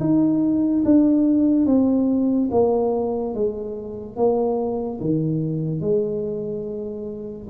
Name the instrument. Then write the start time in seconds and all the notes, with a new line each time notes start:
tuba
0.00 D#4
0.85 D4
1.66 C4
2.51 A#3
3.34 G#3
4.16 A#3
5.00 D#3
5.81 G#3